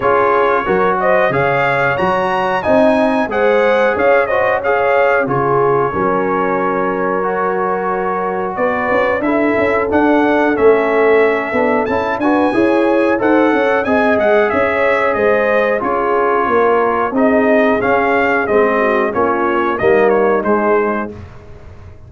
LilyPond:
<<
  \new Staff \with { instrumentName = "trumpet" } { \time 4/4 \tempo 4 = 91 cis''4. dis''8 f''4 ais''4 | gis''4 fis''4 f''8 dis''8 f''4 | cis''1~ | cis''4 d''4 e''4 fis''4 |
e''2 a''8 gis''4. | fis''4 gis''8 fis''8 e''4 dis''4 | cis''2 dis''4 f''4 | dis''4 cis''4 dis''8 cis''8 c''4 | }
  \new Staff \with { instrumentName = "horn" } { \time 4/4 gis'4 ais'8 c''8 cis''2 | dis''4 c''4 cis''8 c''8 cis''4 | gis'4 ais'2.~ | ais'4 b'4 a'2~ |
a'2~ a'8 b'8 cis''4 | c''8 cis''8 dis''4 cis''4 c''4 | gis'4 ais'4 gis'2~ | gis'8 fis'8 f'4 dis'2 | }
  \new Staff \with { instrumentName = "trombone" } { \time 4/4 f'4 fis'4 gis'4 fis'4 | dis'4 gis'4. fis'8 gis'4 | f'4 cis'2 fis'4~ | fis'2 e'4 d'4 |
cis'4. d'8 e'8 fis'8 gis'4 | a'4 gis'2. | f'2 dis'4 cis'4 | c'4 cis'4 ais4 gis4 | }
  \new Staff \with { instrumentName = "tuba" } { \time 4/4 cis'4 fis4 cis4 fis4 | c'4 gis4 cis'2 | cis4 fis2.~ | fis4 b8 cis'8 d'8 cis'8 d'4 |
a4. b8 cis'8 d'8 e'4 | dis'8 cis'8 c'8 gis8 cis'4 gis4 | cis'4 ais4 c'4 cis'4 | gis4 ais4 g4 gis4 | }
>>